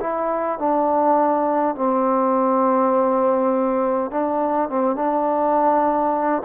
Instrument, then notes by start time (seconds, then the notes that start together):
trombone
0.00 E4
0.59 D4
1.75 C4
4.11 D4
4.69 C4
4.96 D4